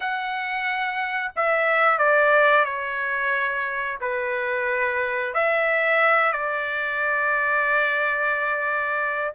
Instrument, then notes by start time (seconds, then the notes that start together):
trumpet
0.00 F#5
1.35 E5
1.98 D5
2.65 C#5
4.01 B4
5.34 E5
6.32 D5